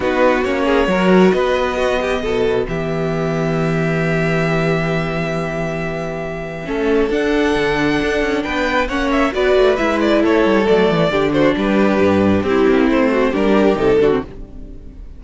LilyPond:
<<
  \new Staff \with { instrumentName = "violin" } { \time 4/4 \tempo 4 = 135 b'4 cis''2 dis''4~ | dis''2 e''2~ | e''1~ | e''1 |
fis''2. g''4 | fis''8 e''8 d''4 e''8 d''8 cis''4 | d''4. c''8 b'2 | g'4 c''4 ais'4 a'4 | }
  \new Staff \with { instrumentName = "violin" } { \time 4/4 fis'4. gis'8 ais'4 b'4 | fis'8 g'8 a'4 g'2~ | g'1~ | g'2. a'4~ |
a'2. b'4 | cis''4 b'2 a'4~ | a'4 g'8 fis'8 g'2 | e'4. fis'8 g'4. fis'8 | }
  \new Staff \with { instrumentName = "viola" } { \time 4/4 dis'4 cis'4 fis'2 | b1~ | b1~ | b2. cis'4 |
d'1 | cis'4 fis'4 e'2 | a4 d'2. | c'2 d'4 dis'8 d'16 c'16 | }
  \new Staff \with { instrumentName = "cello" } { \time 4/4 b4 ais4 fis4 b4~ | b4 b,4 e2~ | e1~ | e2. a4 |
d'4 d4 d'8 cis'8 b4 | ais4 b8 a8 gis4 a8 g8 | fis8 e8 d4 g4 g,4 | c'8 ais8 a4 g4 c8 d8 | }
>>